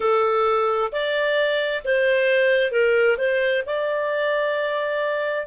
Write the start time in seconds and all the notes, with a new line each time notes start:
0.00 A4
0.92 D5
1.84 C5
2.71 A#4
3.17 C5
3.66 D5